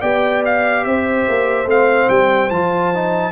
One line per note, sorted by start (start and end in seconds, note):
0.00 0.85 B3
0.00 1.66 G4
0.00 0.83 D5
0.00 0.42 G5
0.45 0.84 F5
0.84 1.27 C4
0.84 3.32 C5
0.84 1.67 E5
1.28 1.65 A#3
1.65 2.07 A3
1.65 2.49 C4
1.65 2.09 F5
2.09 2.49 G3
2.09 2.49 G5
2.49 3.32 F3
2.49 2.94 F4
2.49 3.32 A5
2.94 3.32 D#4